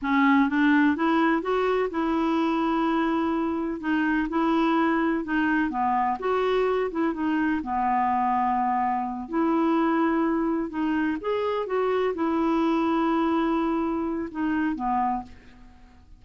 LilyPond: \new Staff \with { instrumentName = "clarinet" } { \time 4/4 \tempo 4 = 126 cis'4 d'4 e'4 fis'4 | e'1 | dis'4 e'2 dis'4 | b4 fis'4. e'8 dis'4 |
b2.~ b8 e'8~ | e'2~ e'8 dis'4 gis'8~ | gis'8 fis'4 e'2~ e'8~ | e'2 dis'4 b4 | }